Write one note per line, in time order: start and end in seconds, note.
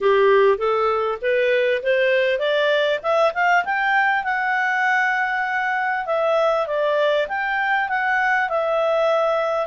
0.00 0.58 G4
0.58 1.18 A4
1.21 1.82 B4
1.82 2.39 C5
2.39 2.99 D5
3.02 3.33 E5
3.34 3.64 F5
3.64 4.24 G5
4.24 6.06 F#5
6.06 6.66 E5
6.66 7.27 D5
7.28 7.88 G5
7.88 8.49 F#5
8.49 9.66 E5